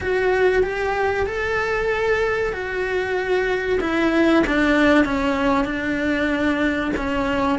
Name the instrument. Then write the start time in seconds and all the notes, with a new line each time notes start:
cello
0.01 F#4
0.63 G4
1.26 A4
2.52 F#4
3.80 E4
4.46 D4
5.04 C#4
5.64 D4
6.96 C#4